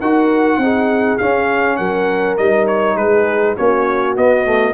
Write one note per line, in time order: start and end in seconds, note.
0.00 0.58 D#4
0.00 0.62 F#4
0.00 0.59 A#4
0.00 1.18 F#5
0.58 1.17 C4
0.58 1.20 D#4
0.58 1.79 G#4
1.18 2.38 C#4
1.18 1.79 C#4
1.18 1.77 F5
1.77 2.39 F#3
1.77 2.97 A#4
1.77 2.37 F#5
2.37 2.96 G3
2.37 3.57 D#4
2.37 2.67 D#5
2.67 2.97 C#5
2.96 3.55 G#3
2.96 3.56 G#4
2.96 3.56 B4
3.56 4.17 A#3
3.56 4.16 C#4
3.56 4.74 F#4
3.56 4.17 C#5
4.17 4.45 B3
4.17 4.74 B3
4.17 4.74 D#5
4.45 4.74 A3